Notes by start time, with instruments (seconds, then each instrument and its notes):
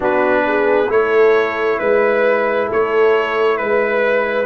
0.00 tuba B3, trombone D4, horn F#4, trumpet B4
0.46 horn G#4
0.88 tuba A3, trombone E4, horn A4, trumpet C#5
1.79 tuba G#3, trumpet B4, horn B4
2.66 tuba A3, horn A4, trumpet C#5
3.57 tuba G#3, trumpet B4, horn B4